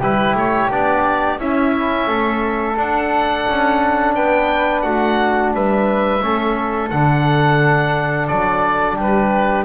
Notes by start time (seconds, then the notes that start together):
0.00 G3 E4 G4 B4
0.34 A3 C#5
0.69 B3 D4 D5
1.38 C#4 E4 E5
2.07 A3 A4
2.75 D4 F#5
3.48 C#4
4.15 B3 B4 G5
4.81 A3 F#4 F#5
5.53 G3 B4 E5
6.22 A3 C#4 A4
6.90 D3 D4 F#5
8.28 F#3 D5
8.95 G3 G4 B4